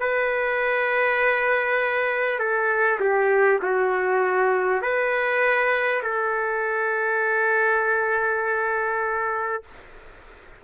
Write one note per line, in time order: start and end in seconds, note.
0.00 2.39 B4
2.39 2.99 A4
3.01 3.61 G4
3.63 4.82 F#4
4.82 6.02 B4
6.03 9.63 A4